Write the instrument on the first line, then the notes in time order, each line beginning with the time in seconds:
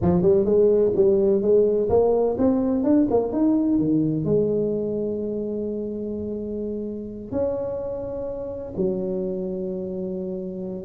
tuba
0.01 F3
0.22 G3
0.45 G#3
0.95 G3
1.41 G#3
1.89 A#3
2.38 C4
2.83 D4
3.10 A#3
3.32 D#4
3.78 D#3
4.24 G#3
7.31 C#4
8.76 F#3